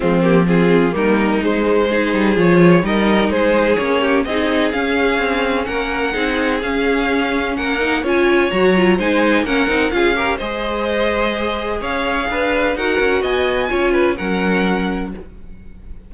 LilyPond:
<<
  \new Staff \with { instrumentName = "violin" } { \time 4/4 \tempo 4 = 127 f'8 g'8 gis'4 ais'4 c''4~ | c''4 cis''4 dis''4 c''4 | cis''4 dis''4 f''2 | fis''2 f''2 |
fis''4 gis''4 ais''4 gis''4 | fis''4 f''4 dis''2~ | dis''4 f''2 fis''4 | gis''2 fis''2 | }
  \new Staff \with { instrumentName = "violin" } { \time 4/4 c'4 f'4 dis'2 | gis'2 ais'4 gis'4~ | gis'8 g'8 gis'2. | ais'4 gis'2. |
ais'4 cis''2 c''4 | ais'4 gis'8 ais'8 c''2~ | c''4 cis''4 b'4 ais'4 | dis''4 cis''8 b'8 ais'2 | }
  \new Staff \with { instrumentName = "viola" } { \time 4/4 gis8 ais8 c'4 ais4 gis4 | dis'4 f'4 dis'2 | cis'4 dis'4 cis'2~ | cis'4 dis'4 cis'2~ |
cis'8 dis'8 f'4 fis'8 f'8 dis'4 | cis'8 dis'8 f'8 g'8 gis'2~ | gis'2. fis'4~ | fis'4 f'4 cis'2 | }
  \new Staff \with { instrumentName = "cello" } { \time 4/4 f2 g4 gis4~ | gis8 g8 f4 g4 gis4 | ais4 c'4 cis'4 c'4 | ais4 c'4 cis'2 |
ais4 cis'4 fis4 gis4 | ais8 c'8 cis'4 gis2~ | gis4 cis'4 d'4 dis'8 cis'8 | b4 cis'4 fis2 | }
>>